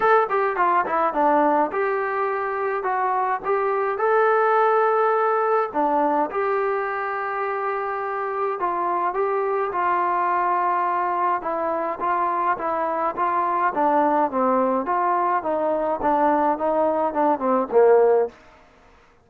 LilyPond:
\new Staff \with { instrumentName = "trombone" } { \time 4/4 \tempo 4 = 105 a'8 g'8 f'8 e'8 d'4 g'4~ | g'4 fis'4 g'4 a'4~ | a'2 d'4 g'4~ | g'2. f'4 |
g'4 f'2. | e'4 f'4 e'4 f'4 | d'4 c'4 f'4 dis'4 | d'4 dis'4 d'8 c'8 ais4 | }